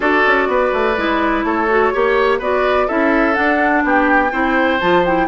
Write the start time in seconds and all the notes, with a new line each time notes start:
0.00 D4 F#4 A4 D5
0.26 C#4
0.47 B3 B4
0.73 A3
0.96 G#3 E4
1.43 A3 A4 C#5
1.69 F#4
1.93 A#3 G4 C#5
2.39 B3 F#4 B4 D5
2.87 C#4 E4 A4 E5
3.33 D4 F#5
3.83 B3 G4 G5
4.32 C4 E4 C5
4.80 F3 F4 A5
5.05 E4 G5